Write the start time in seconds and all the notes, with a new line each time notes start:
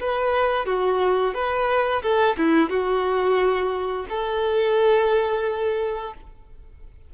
0.00 B4
0.65 F#4
1.34 B4
2.02 A4
2.37 E4
2.70 F#4
4.09 A4